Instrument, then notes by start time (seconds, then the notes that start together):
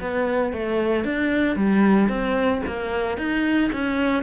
cello
0.00 B3
0.52 A3
1.04 D4
1.55 G3
2.08 C4
2.66 A#3
3.17 D#4
3.72 C#4